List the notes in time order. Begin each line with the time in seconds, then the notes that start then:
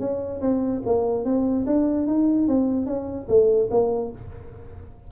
0.00 C#4
0.41 C4
0.86 A#3
1.25 C4
1.66 D4
2.07 D#4
2.48 C4
2.86 C#4
3.29 A3
3.71 A#3